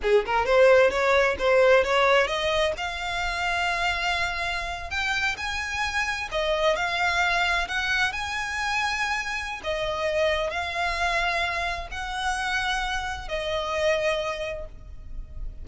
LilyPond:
\new Staff \with { instrumentName = "violin" } { \time 4/4 \tempo 4 = 131 gis'8 ais'8 c''4 cis''4 c''4 | cis''4 dis''4 f''2~ | f''2~ f''8. g''4 gis''16~ | gis''4.~ gis''16 dis''4 f''4~ f''16~ |
f''8. fis''4 gis''2~ gis''16~ | gis''4 dis''2 f''4~ | f''2 fis''2~ | fis''4 dis''2. | }